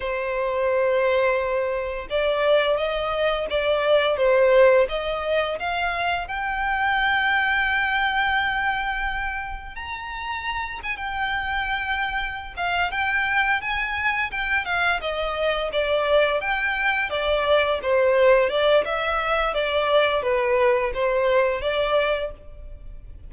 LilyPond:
\new Staff \with { instrumentName = "violin" } { \time 4/4 \tempo 4 = 86 c''2. d''4 | dis''4 d''4 c''4 dis''4 | f''4 g''2.~ | g''2 ais''4. gis''16 g''16~ |
g''2 f''8 g''4 gis''8~ | gis''8 g''8 f''8 dis''4 d''4 g''8~ | g''8 d''4 c''4 d''8 e''4 | d''4 b'4 c''4 d''4 | }